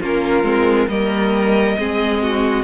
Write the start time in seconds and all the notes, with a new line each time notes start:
0.00 A#3 C#4 F4 A#4
0.43 G#3 C4
0.88 G3 A#3 A#4 D#5
1.78 G#3 C4 G#4
2.22 F#4